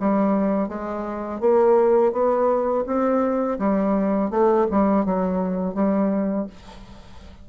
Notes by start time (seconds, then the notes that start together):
0.00 G3
0.69 G#3
1.40 A#3
2.12 B3
2.86 C4
3.59 G3
4.30 A3
4.71 G3
5.05 F#3
5.74 G3